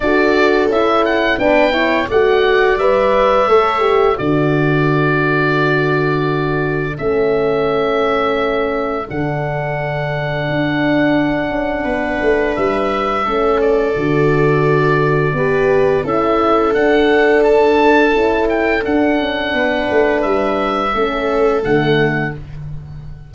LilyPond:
<<
  \new Staff \with { instrumentName = "oboe" } { \time 4/4 \tempo 4 = 86 d''4 e''8 fis''8 g''4 fis''4 | e''2 d''2~ | d''2 e''2~ | e''4 fis''2.~ |
fis''2 e''4. d''8~ | d''2. e''4 | fis''4 a''4. g''8 fis''4~ | fis''4 e''2 fis''4 | }
  \new Staff \with { instrumentName = "viola" } { \time 4/4 a'2 b'8 cis''8 d''4~ | d''4 cis''4 a'2~ | a'1~ | a'1~ |
a'4 b'2 a'4~ | a'2 b'4 a'4~ | a'1 | b'2 a'2 | }
  \new Staff \with { instrumentName = "horn" } { \time 4/4 fis'4 e'4 d'8 e'8 fis'4 | b'4 a'8 g'8 fis'2~ | fis'2 cis'2~ | cis'4 d'2.~ |
d'2. cis'4 | fis'2 g'4 e'4 | d'2 e'4 d'4~ | d'2 cis'4 a4 | }
  \new Staff \with { instrumentName = "tuba" } { \time 4/4 d'4 cis'4 b4 a4 | g4 a4 d2~ | d2 a2~ | a4 d2 d'4~ |
d'8 cis'8 b8 a8 g4 a4 | d2 b4 cis'4 | d'2 cis'4 d'8 cis'8 | b8 a8 g4 a4 d4 | }
>>